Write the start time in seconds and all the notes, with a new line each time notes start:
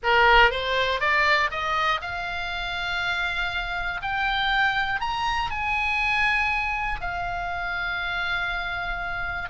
0.03 A#4
0.50 C5
1.00 D5
1.50 D#5
2.01 F5
4.02 G5
5.00 A#5
5.50 G#5
7.00 F5